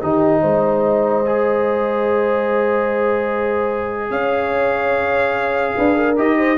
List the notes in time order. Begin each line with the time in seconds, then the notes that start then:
0.00 D#3 D#4 G4 D#5
0.41 G#3 C5
1.26 G#4
4.10 C#4 C#5 F5
5.76 D4 B4
5.96 A#4
6.17 D#4 G4 D#5
6.38 C5